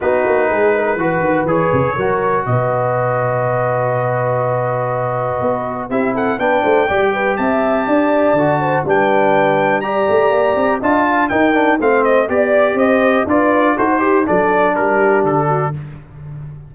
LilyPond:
<<
  \new Staff \with { instrumentName = "trumpet" } { \time 4/4 \tempo 4 = 122 b'2. cis''4~ | cis''4 dis''2.~ | dis''1 | e''8 fis''8 g''2 a''4~ |
a''2 g''2 | ais''2 a''4 g''4 | f''8 dis''8 d''4 dis''4 d''4 | c''4 d''4 ais'4 a'4 | }
  \new Staff \with { instrumentName = "horn" } { \time 4/4 fis'4 gis'8 ais'8 b'2 | ais'4 b'2.~ | b'1 | g'8 a'8 b'8 c''8 d''8 b'8 e''4 |
d''4. c''8 b'2 | d''2 dis''8 f''8 ais'4 | c''4 d''4 c''4 b'4 | a'16 c''16 g'8 a'4 g'4. fis'8 | }
  \new Staff \with { instrumentName = "trombone" } { \time 4/4 dis'2 fis'4 gis'4 | fis'1~ | fis'1 | e'4 d'4 g'2~ |
g'4 fis'4 d'2 | g'2 f'4 dis'8 d'8 | c'4 g'2 f'4 | fis'8 g'8 d'2. | }
  \new Staff \with { instrumentName = "tuba" } { \time 4/4 b8 ais8 gis4 e8 dis8 e8 cis8 | fis4 b,2.~ | b,2. b4 | c'4 b8 a8 g4 c'4 |
d'4 d4 g2~ | g8 a8 ais8 c'8 d'4 dis'4 | a4 b4 c'4 d'4 | dis'4 fis4 g4 d4 | }
>>